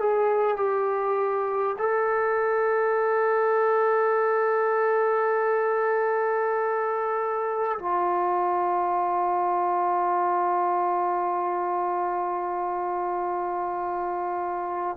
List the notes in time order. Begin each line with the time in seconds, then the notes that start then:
0.00 G#4
0.57 G4
1.79 A4
7.79 F4